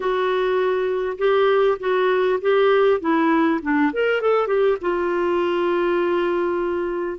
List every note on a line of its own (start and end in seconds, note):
0.00 1.17 F#4
1.18 1.78 G4
1.79 2.39 F#4
2.41 3.00 G4
3.00 3.60 E4
3.62 3.92 D4
3.92 4.21 A#4
4.21 4.47 A4
4.47 4.77 G4
4.81 7.18 F4